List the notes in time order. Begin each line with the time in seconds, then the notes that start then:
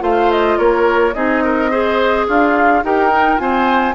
0.00 A3 F4 C5 F5
0.31 D#5
0.58 A#3 A#4 C#5
1.14 C4 D#4 G#4 D#5
1.44 A#4
1.70 G#4 C5
2.27 D4 F4 F5
2.83 D#4 G4 A#4 G5
3.10 D#4
3.36 C4 F4 C5 G#5